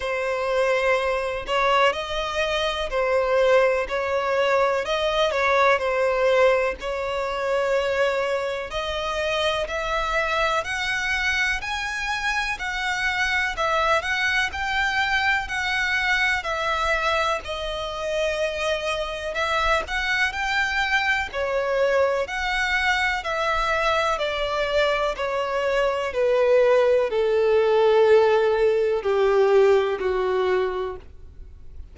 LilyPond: \new Staff \with { instrumentName = "violin" } { \time 4/4 \tempo 4 = 62 c''4. cis''8 dis''4 c''4 | cis''4 dis''8 cis''8 c''4 cis''4~ | cis''4 dis''4 e''4 fis''4 | gis''4 fis''4 e''8 fis''8 g''4 |
fis''4 e''4 dis''2 | e''8 fis''8 g''4 cis''4 fis''4 | e''4 d''4 cis''4 b'4 | a'2 g'4 fis'4 | }